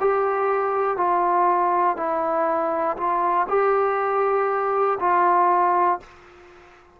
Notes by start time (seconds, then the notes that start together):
0.00 G4
0.97 F4
1.96 E4
2.97 F4
3.49 G4
5.00 F4